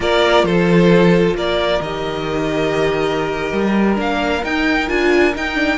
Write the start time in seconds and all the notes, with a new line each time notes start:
0.00 A#3 F4 A#4 D5
0.43 F3 A4 C5
1.34 A#3 A#4 D5
1.80 D#3 G4 D#5
3.52 G3
3.94 A#3 D4 F5
4.43 D#4 G5
4.88 D4 F4 G#5
5.34 D#4 G5
5.54 D4